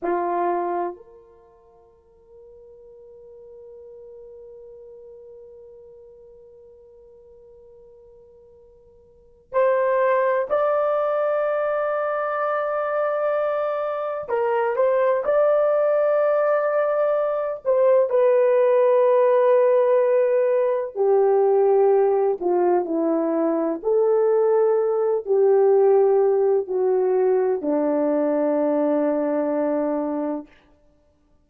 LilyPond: \new Staff \with { instrumentName = "horn" } { \time 4/4 \tempo 4 = 63 f'4 ais'2.~ | ais'1~ | ais'2 c''4 d''4~ | d''2. ais'8 c''8 |
d''2~ d''8 c''8 b'4~ | b'2 g'4. f'8 | e'4 a'4. g'4. | fis'4 d'2. | }